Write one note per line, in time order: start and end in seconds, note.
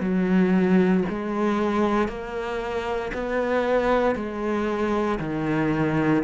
0.00 1.03 F#3
1.09 2.08 G#3
2.08 3.11 A#3
3.13 4.15 B3
4.15 5.19 G#3
5.19 6.23 D#3